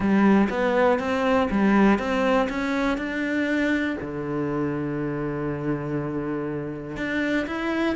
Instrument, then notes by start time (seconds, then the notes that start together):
cello
0.00 G3
0.49 B3
0.99 C4
1.50 G3
1.98 C4
2.49 C#4
2.97 D4
4.01 D3
6.96 D4
7.46 E4